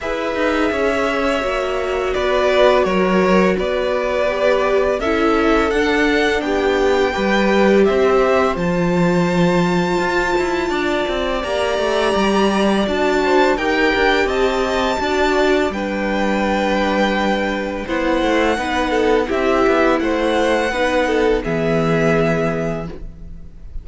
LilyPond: <<
  \new Staff \with { instrumentName = "violin" } { \time 4/4 \tempo 4 = 84 e''2. d''4 | cis''4 d''2 e''4 | fis''4 g''2 e''4 | a''1 |
ais''2 a''4 g''4 | a''2 g''2~ | g''4 fis''2 e''4 | fis''2 e''2 | }
  \new Staff \with { instrumentName = "violin" } { \time 4/4 b'4 cis''2 b'4 | ais'4 b'2 a'4~ | a'4 g'4 b'4 c''4~ | c''2. d''4~ |
d''2~ d''8 c''8 ais'4 | dis''4 d''4 b'2~ | b'4 c''4 b'8 a'8 g'4 | c''4 b'8 a'8 gis'2 | }
  \new Staff \with { instrumentName = "viola" } { \time 4/4 gis'2 fis'2~ | fis'2 g'4 e'4 | d'2 g'2 | f'1 |
g'2 fis'4 g'4~ | g'4 fis'4 d'2~ | d'4 e'4 dis'4 e'4~ | e'4 dis'4 b2 | }
  \new Staff \with { instrumentName = "cello" } { \time 4/4 e'8 dis'8 cis'4 ais4 b4 | fis4 b2 cis'4 | d'4 b4 g4 c'4 | f2 f'8 e'8 d'8 c'8 |
ais8 a8 g4 d'4 dis'8 d'8 | c'4 d'4 g2~ | g4 b8 a8 b4 c'8 b8 | a4 b4 e2 | }
>>